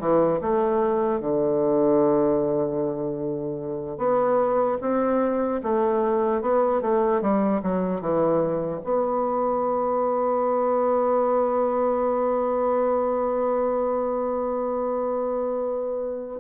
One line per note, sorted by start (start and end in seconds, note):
0.00 0.40 E3
0.41 1.20 A3
1.20 3.98 D3
3.98 4.78 B3
4.81 5.61 C4
5.63 6.41 A3
6.41 6.81 B3
6.81 7.21 A3
7.21 7.61 G3
7.63 8.01 F#3
8.01 8.81 E3
8.84 16.40 B3